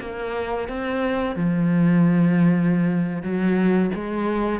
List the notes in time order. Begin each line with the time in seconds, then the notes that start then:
0.00 A#3
0.68 C4
1.35 F3
3.22 F#3
3.94 G#3